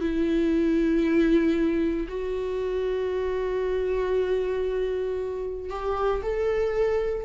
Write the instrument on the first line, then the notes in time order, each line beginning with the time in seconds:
viola
0.00 E4
2.08 F#4
5.70 G4
6.23 A4